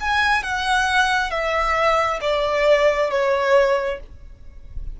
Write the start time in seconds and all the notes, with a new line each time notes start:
0.00 G#5
0.43 F#5
1.30 E5
2.21 D5
3.10 C#5